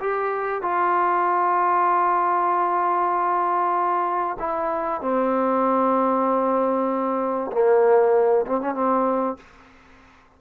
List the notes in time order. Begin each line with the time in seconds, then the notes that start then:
0.00 G4
0.62 F4
4.39 E4
5.01 C4
7.52 A#3
8.46 C4
8.61 C#4
8.74 C4